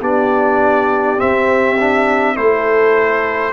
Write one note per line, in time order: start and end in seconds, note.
0.00 1.18 B3
0.00 1.18 D4
0.00 2.35 G4
0.00 1.20 D5
1.18 1.76 C4
1.18 2.36 C4
1.18 2.36 E5
1.79 2.35 D4
2.35 3.53 A3
2.35 3.53 E4
2.35 3.53 A4
2.35 3.53 C5